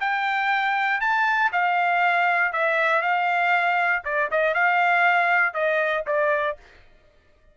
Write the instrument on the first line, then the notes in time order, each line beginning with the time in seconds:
trumpet
0.00 G5
1.01 A5
1.52 F5
2.52 E5
3.02 F5
4.04 D5
4.31 D#5
4.54 F5
5.54 D#5
6.06 D5